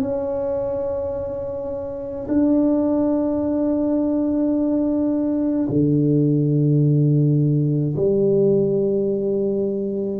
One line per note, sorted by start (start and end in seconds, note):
0.00 2.26 C#4
2.28 5.68 D4
5.69 7.95 D3
7.96 10.20 G3